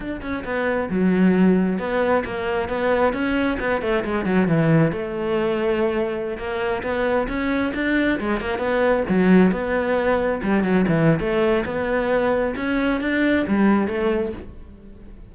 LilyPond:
\new Staff \with { instrumentName = "cello" } { \time 4/4 \tempo 4 = 134 d'8 cis'8 b4 fis2 | b4 ais4 b4 cis'4 | b8 a8 gis8 fis8 e4 a4~ | a2~ a16 ais4 b8.~ |
b16 cis'4 d'4 gis8 ais8 b8.~ | b16 fis4 b2 g8 fis16~ | fis16 e8. a4 b2 | cis'4 d'4 g4 a4 | }